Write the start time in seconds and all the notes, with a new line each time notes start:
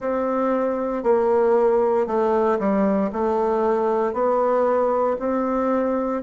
0.00 C4
1.03 A#3
2.06 A3
2.59 G3
3.12 A3
4.13 B3
5.19 C4